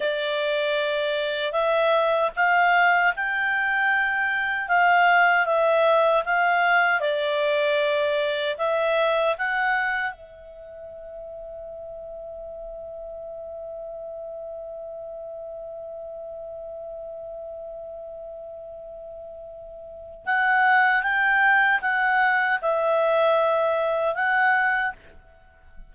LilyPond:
\new Staff \with { instrumentName = "clarinet" } { \time 4/4 \tempo 4 = 77 d''2 e''4 f''4 | g''2 f''4 e''4 | f''4 d''2 e''4 | fis''4 e''2.~ |
e''1~ | e''1~ | e''2 fis''4 g''4 | fis''4 e''2 fis''4 | }